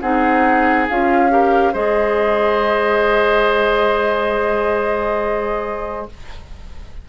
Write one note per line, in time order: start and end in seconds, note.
0.00 0.89 C4
0.00 0.89 D#4
0.00 1.32 G#4
0.00 0.87 F#5
0.89 1.74 C#4
0.89 1.29 F4
0.89 1.74 F5
1.29 1.73 G4
1.29 1.73 A#4
1.73 6.09 G#3
1.73 6.09 G#4
1.73 6.07 C5
1.73 6.09 D#5